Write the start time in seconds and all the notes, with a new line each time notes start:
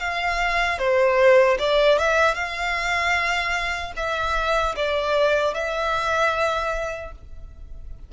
0.00 F5
0.79 C5
1.59 D5
1.99 E5
2.35 F5
3.97 E5
4.76 D5
5.54 E5